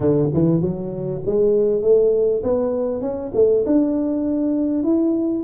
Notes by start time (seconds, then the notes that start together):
0.00 D3
0.33 E3
0.61 F#3
1.26 G#3
1.81 A3
2.43 B3
3.01 C#4
3.34 A3
3.66 D4
4.83 E4